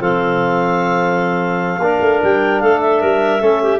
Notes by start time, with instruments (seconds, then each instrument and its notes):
0.00 tuba F3, trombone C4, clarinet A4 F5
1.78 tuba A#3, trombone D4, clarinet A#4
2.00 tuba A3
2.23 tuba G3, clarinet G5
2.60 tuba A3, clarinet A4 F5
2.80 clarinet E5
3.01 tuba G3, clarinet A#4
3.41 tuba A3, trombone C#4, clarinet A4
3.63 clarinet G4